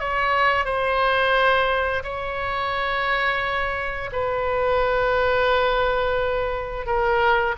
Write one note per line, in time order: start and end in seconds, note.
0.00 0.65 C#5
0.65 2.03 C5
2.03 4.10 C#5
4.12 6.86 B4
6.86 7.55 A#4